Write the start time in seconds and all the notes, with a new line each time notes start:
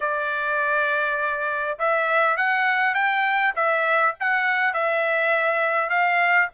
0.00 D5
1.78 E5
2.36 F#5
2.94 G5
3.55 E5
4.19 F#5
4.73 E5
5.89 F5